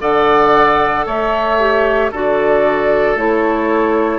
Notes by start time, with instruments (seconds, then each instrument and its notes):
0.00 bassoon D3, clarinet A4, oboe D5, flute F#5
1.06 bassoon A3, oboe C#5, flute E5
1.60 clarinet G4
2.11 bassoon D3, clarinet F#4, oboe A4, flute D5
3.16 bassoon A3, clarinet E4, flute C#5